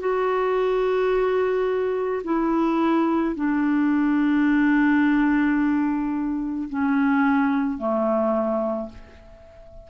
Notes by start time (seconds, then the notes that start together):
0.00 F#4
2.24 E4
3.35 D4
6.69 C#4
7.78 A3